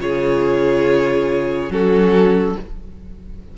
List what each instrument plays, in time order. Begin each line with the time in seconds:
0.00 cello C#3, viola F4, violin G#4 C#5
1.70 cello F#3, viola C#4, violin F#4 A4